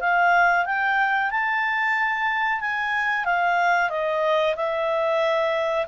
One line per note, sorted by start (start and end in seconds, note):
0.00 0.65 F5
0.65 1.30 G5
1.31 2.61 A5
2.61 3.25 G#5
3.25 3.90 F5
3.90 4.55 D#5
4.56 5.86 E5